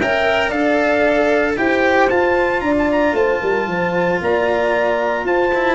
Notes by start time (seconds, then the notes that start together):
0.00 C#4 A#4 E5 G5
0.49 D4 A4 D5 F5
1.57 E4 G4 C5 G5
2.10 F4 A5
2.61 D4 D5 A#5
2.78 A5
2.92 A#5
3.13 A3 C5 A5
3.41 G3 A#4
3.67 F3 C5
4.22 A#3 D5 A#5
5.25 F4 C5 A5
5.55 E4